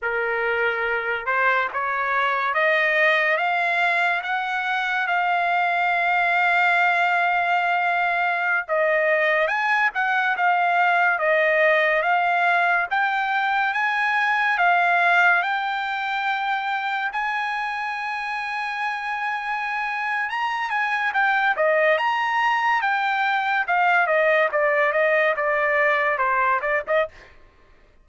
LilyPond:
\new Staff \with { instrumentName = "trumpet" } { \time 4/4 \tempo 4 = 71 ais'4. c''8 cis''4 dis''4 | f''4 fis''4 f''2~ | f''2~ f''16 dis''4 gis''8 fis''16~ | fis''16 f''4 dis''4 f''4 g''8.~ |
g''16 gis''4 f''4 g''4.~ g''16~ | g''16 gis''2.~ gis''8. | ais''8 gis''8 g''8 dis''8 ais''4 g''4 | f''8 dis''8 d''8 dis''8 d''4 c''8 d''16 dis''16 | }